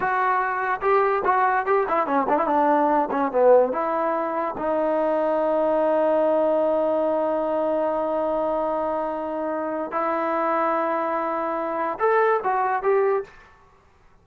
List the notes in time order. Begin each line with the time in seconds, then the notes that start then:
0.00 F#4
0.81 G4
1.24 F#4
1.66 G4
1.88 E4
2.06 C#4
2.28 D4
2.38 E4
2.47 D4
3.10 C#4
3.31 B3
3.72 E4
4.57 D#4
9.91 E4
11.99 A4
12.43 F#4
12.82 G4